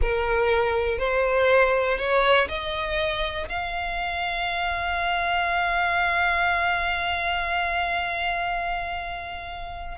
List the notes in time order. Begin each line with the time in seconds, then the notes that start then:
0.01 A#4
0.98 C5
1.97 C#5
2.48 D#5
3.48 F5